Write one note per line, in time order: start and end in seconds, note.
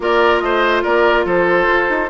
0.00 0.41 A#3
0.00 2.09 F4
0.00 0.43 A#4
0.00 0.39 D5
0.39 0.83 A3
0.39 0.83 C5
0.39 0.81 D#5
0.83 1.25 A#3
0.83 1.25 A#4
0.83 1.26 D5
1.25 1.67 F3
1.25 2.09 A4
1.25 2.09 C5
1.67 1.88 F4
1.89 2.09 D#4